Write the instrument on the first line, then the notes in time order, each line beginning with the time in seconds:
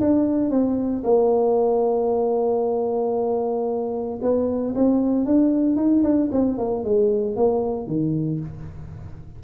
tuba
0.00 D4
0.50 C4
1.04 A#3
4.22 B3
4.75 C4
5.25 D4
5.76 D#4
6.04 D4
6.32 C4
6.58 A#3
6.84 G#3
7.36 A#3
7.87 D#3